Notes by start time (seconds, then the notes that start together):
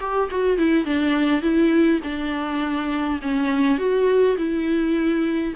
0.00 G4
0.30 F#4
0.58 E4
0.85 D4
1.41 E4
2.03 D4
3.22 C#4
3.78 F#4
4.37 E4